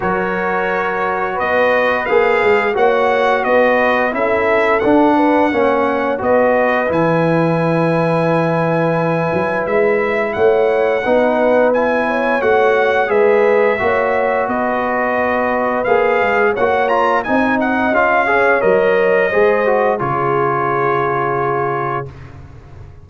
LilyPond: <<
  \new Staff \with { instrumentName = "trumpet" } { \time 4/4 \tempo 4 = 87 cis''2 dis''4 f''4 | fis''4 dis''4 e''4 fis''4~ | fis''4 dis''4 gis''2~ | gis''2 e''4 fis''4~ |
fis''4 gis''4 fis''4 e''4~ | e''4 dis''2 f''4 | fis''8 ais''8 gis''8 fis''8 f''4 dis''4~ | dis''4 cis''2. | }
  \new Staff \with { instrumentName = "horn" } { \time 4/4 ais'2 b'2 | cis''4 b'4 a'4. b'8 | cis''4 b'2.~ | b'2. cis''4 |
b'4. cis''4. b'4 | cis''4 b'2. | cis''4 dis''4. cis''4. | c''4 gis'2. | }
  \new Staff \with { instrumentName = "trombone" } { \time 4/4 fis'2. gis'4 | fis'2 e'4 d'4 | cis'4 fis'4 e'2~ | e'1 |
dis'4 e'4 fis'4 gis'4 | fis'2. gis'4 | fis'8 f'8 dis'4 f'8 gis'8 ais'4 | gis'8 fis'8 f'2. | }
  \new Staff \with { instrumentName = "tuba" } { \time 4/4 fis2 b4 ais8 gis8 | ais4 b4 cis'4 d'4 | ais4 b4 e2~ | e4. fis8 gis4 a4 |
b2 a4 gis4 | ais4 b2 ais8 gis8 | ais4 c'4 cis'4 fis4 | gis4 cis2. | }
>>